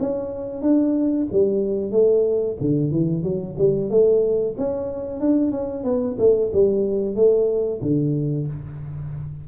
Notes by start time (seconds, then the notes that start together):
0.00 C#4
0.62 D4
1.32 G3
1.92 A3
2.61 D3
2.91 E3
3.23 F#3
3.58 G3
3.90 A3
4.58 C#4
5.20 D4
5.51 C#4
5.84 B3
6.19 A3
6.53 G3
7.16 A3
7.82 D3